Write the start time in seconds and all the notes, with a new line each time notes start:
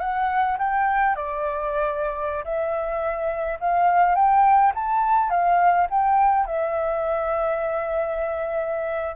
0.00 F#5
0.58 G5
1.16 D5
2.44 E5
3.60 F5
4.15 G5
4.75 A5
5.30 F5
5.90 G5
6.46 E5